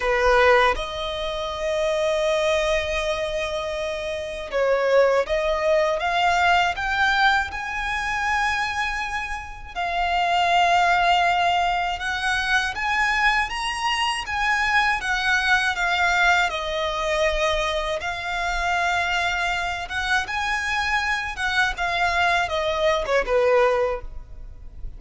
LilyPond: \new Staff \with { instrumentName = "violin" } { \time 4/4 \tempo 4 = 80 b'4 dis''2.~ | dis''2 cis''4 dis''4 | f''4 g''4 gis''2~ | gis''4 f''2. |
fis''4 gis''4 ais''4 gis''4 | fis''4 f''4 dis''2 | f''2~ f''8 fis''8 gis''4~ | gis''8 fis''8 f''4 dis''8. cis''16 b'4 | }